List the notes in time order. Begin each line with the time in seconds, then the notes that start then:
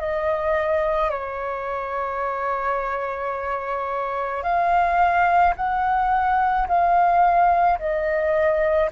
0.00 D#5
1.11 C#5
4.43 F5
5.57 F#5
6.68 F5
7.79 D#5